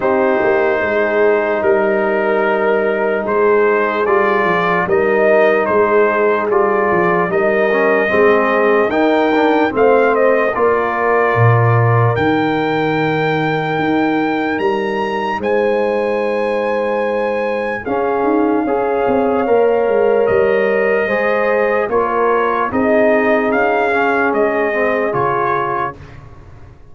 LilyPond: <<
  \new Staff \with { instrumentName = "trumpet" } { \time 4/4 \tempo 4 = 74 c''2 ais'2 | c''4 d''4 dis''4 c''4 | d''4 dis''2 g''4 | f''8 dis''8 d''2 g''4~ |
g''2 ais''4 gis''4~ | gis''2 f''2~ | f''4 dis''2 cis''4 | dis''4 f''4 dis''4 cis''4 | }
  \new Staff \with { instrumentName = "horn" } { \time 4/4 g'4 gis'4 ais'2 | gis'2 ais'4 gis'4~ | gis'4 ais'4 gis'4 ais'4 | c''4 ais'2.~ |
ais'2. c''4~ | c''2 gis'4 cis''4~ | cis''2 c''4 ais'4 | gis'1 | }
  \new Staff \with { instrumentName = "trombone" } { \time 4/4 dis'1~ | dis'4 f'4 dis'2 | f'4 dis'8 cis'8 c'4 dis'8 d'8 | c'4 f'2 dis'4~ |
dis'1~ | dis'2 cis'4 gis'4 | ais'2 gis'4 f'4 | dis'4. cis'4 c'8 f'4 | }
  \new Staff \with { instrumentName = "tuba" } { \time 4/4 c'8 ais8 gis4 g2 | gis4 g8 f8 g4 gis4 | g8 f8 g4 gis4 dis'4 | a4 ais4 ais,4 dis4~ |
dis4 dis'4 g4 gis4~ | gis2 cis'8 dis'8 cis'8 c'8 | ais8 gis8 g4 gis4 ais4 | c'4 cis'4 gis4 cis4 | }
>>